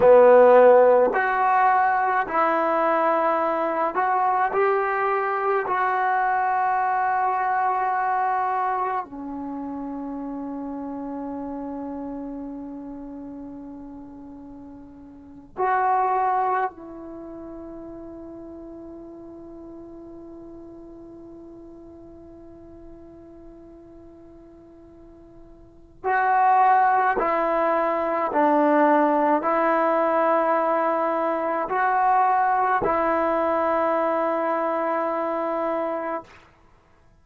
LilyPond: \new Staff \with { instrumentName = "trombone" } { \time 4/4 \tempo 4 = 53 b4 fis'4 e'4. fis'8 | g'4 fis'2. | cis'1~ | cis'4.~ cis'16 fis'4 e'4~ e'16~ |
e'1~ | e'2. fis'4 | e'4 d'4 e'2 | fis'4 e'2. | }